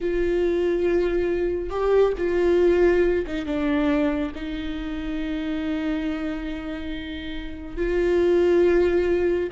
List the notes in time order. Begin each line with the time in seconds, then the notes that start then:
0.01 F4
1.70 G4
2.17 F4
3.26 D#4
3.45 D4
4.34 D#4
7.76 F4